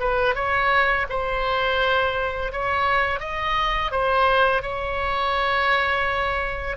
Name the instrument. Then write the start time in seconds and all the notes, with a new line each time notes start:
oboe
0.00 B4
0.35 C#5
1.09 C5
2.52 C#5
3.20 D#5
3.91 C5
4.62 C#5